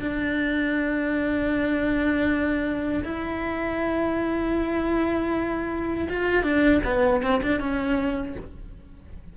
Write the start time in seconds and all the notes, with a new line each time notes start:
0.00 D4
3.04 E4
6.10 F4
6.43 D4
6.85 B3
7.23 C4
7.43 D4
7.60 C#4